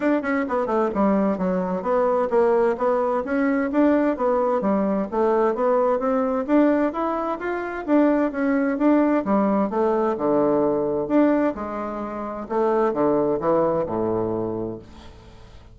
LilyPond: \new Staff \with { instrumentName = "bassoon" } { \time 4/4 \tempo 4 = 130 d'8 cis'8 b8 a8 g4 fis4 | b4 ais4 b4 cis'4 | d'4 b4 g4 a4 | b4 c'4 d'4 e'4 |
f'4 d'4 cis'4 d'4 | g4 a4 d2 | d'4 gis2 a4 | d4 e4 a,2 | }